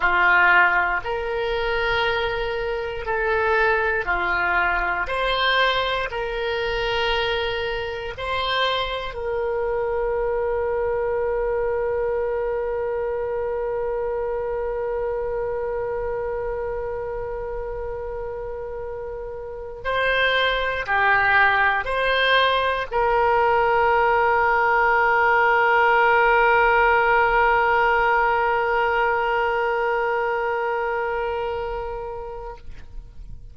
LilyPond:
\new Staff \with { instrumentName = "oboe" } { \time 4/4 \tempo 4 = 59 f'4 ais'2 a'4 | f'4 c''4 ais'2 | c''4 ais'2.~ | ais'1~ |
ais'2.~ ais'8 c''8~ | c''8 g'4 c''4 ais'4.~ | ais'1~ | ais'1 | }